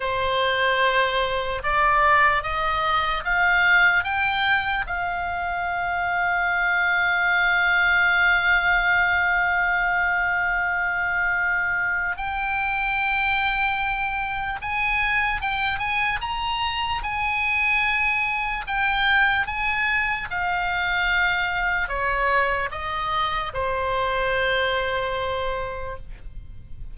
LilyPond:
\new Staff \with { instrumentName = "oboe" } { \time 4/4 \tempo 4 = 74 c''2 d''4 dis''4 | f''4 g''4 f''2~ | f''1~ | f''2. g''4~ |
g''2 gis''4 g''8 gis''8 | ais''4 gis''2 g''4 | gis''4 f''2 cis''4 | dis''4 c''2. | }